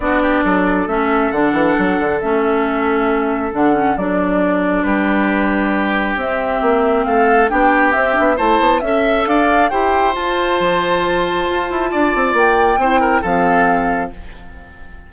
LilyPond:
<<
  \new Staff \with { instrumentName = "flute" } { \time 4/4 \tempo 4 = 136 d''2 e''4 fis''4~ | fis''4 e''2. | fis''4 d''2 b'4~ | b'2 e''2 |
f''4 g''4 e''4 a''4 | e''4 f''4 g''4 a''4~ | a''1 | g''2 f''2 | }
  \new Staff \with { instrumentName = "oboe" } { \time 4/4 fis'8 g'8 a'2.~ | a'1~ | a'2. g'4~ | g'1 |
a'4 g'2 c''4 | e''4 d''4 c''2~ | c''2. d''4~ | d''4 c''8 ais'8 a'2 | }
  \new Staff \with { instrumentName = "clarinet" } { \time 4/4 d'2 cis'4 d'4~ | d'4 cis'2. | d'8 cis'8 d'2.~ | d'2 c'2~ |
c'4 d'4 c'8 d'8 e'4 | a'2 g'4 f'4~ | f'1~ | f'4 e'4 c'2 | }
  \new Staff \with { instrumentName = "bassoon" } { \time 4/4 b4 fis4 a4 d8 e8 | fis8 d8 a2. | d4 fis2 g4~ | g2 c'4 ais4 |
a4 b4 c'8 b8 a8 b8 | cis'4 d'4 e'4 f'4 | f2 f'8 e'8 d'8 c'8 | ais4 c'4 f2 | }
>>